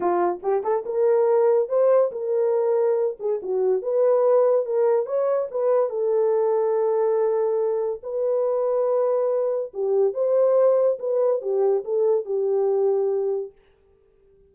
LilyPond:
\new Staff \with { instrumentName = "horn" } { \time 4/4 \tempo 4 = 142 f'4 g'8 a'8 ais'2 | c''4 ais'2~ ais'8 gis'8 | fis'4 b'2 ais'4 | cis''4 b'4 a'2~ |
a'2. b'4~ | b'2. g'4 | c''2 b'4 g'4 | a'4 g'2. | }